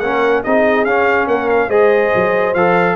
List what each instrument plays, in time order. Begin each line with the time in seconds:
0.00 tuba A#3, trombone C#4, horn A#4, trumpet F#5
0.43 tuba C4, trombone D#4, horn G#4, trumpet D#5
0.85 tuba C#4, trombone C#4, trumpet F5
1.27 tuba A#3, horn A#4, trumpet F#5
1.49 trumpet F5
1.68 tuba G#3, trombone G#4, horn C5, trumpet D#5
2.15 tuba F#3
2.54 tuba F3, trombone A4, trumpet F5